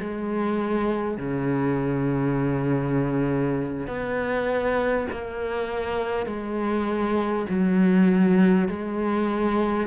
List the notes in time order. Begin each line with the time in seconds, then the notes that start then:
0.00 G#3
1.17 C#3
3.87 B3
5.12 A#3
6.26 G#3
7.49 F#3
8.68 G#3